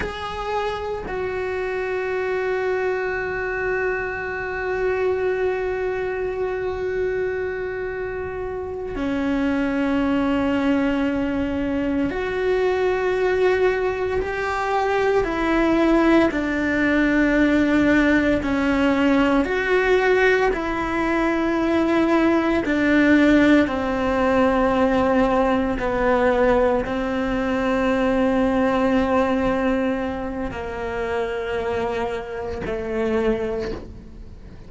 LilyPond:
\new Staff \with { instrumentName = "cello" } { \time 4/4 \tempo 4 = 57 gis'4 fis'2.~ | fis'1~ | fis'8 cis'2. fis'8~ | fis'4. g'4 e'4 d'8~ |
d'4. cis'4 fis'4 e'8~ | e'4. d'4 c'4.~ | c'8 b4 c'2~ c'8~ | c'4 ais2 a4 | }